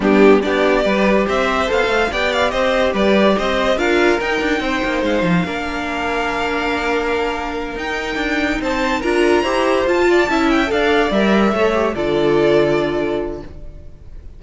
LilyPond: <<
  \new Staff \with { instrumentName = "violin" } { \time 4/4 \tempo 4 = 143 g'4 d''2 e''4 | f''4 g''8 f''8 dis''4 d''4 | dis''4 f''4 g''2 | f''1~ |
f''2~ f''8 g''4.~ | g''8 a''4 ais''2 a''8~ | a''4 g''8 f''4 e''4.~ | e''8 d''2.~ d''8 | }
  \new Staff \with { instrumentName = "violin" } { \time 4/4 d'4 g'4 b'4 c''4~ | c''4 d''4 c''4 b'4 | c''4 ais'2 c''4~ | c''4 ais'2.~ |
ais'1~ | ais'8 c''4 ais'4 c''4. | d''8 e''4 d''2 cis''8~ | cis''8 a'2.~ a'8 | }
  \new Staff \with { instrumentName = "viola" } { \time 4/4 b4 d'4 g'2 | a'4 g'2.~ | g'4 f'4 dis'2~ | dis'4 d'2.~ |
d'2~ d'8 dis'4.~ | dis'4. f'4 g'4 f'8~ | f'8 e'4 a'4 ais'4 a'8 | g'8 f'2.~ f'8 | }
  \new Staff \with { instrumentName = "cello" } { \time 4/4 g4 b4 g4 c'4 | b8 a8 b4 c'4 g4 | c'4 d'4 dis'8 d'8 c'8 ais8 | gis8 f8 ais2.~ |
ais2~ ais8 dis'4 d'8~ | d'8 c'4 d'4 e'4 f'8~ | f'8 cis'4 d'4 g4 a8~ | a8 d2.~ d8 | }
>>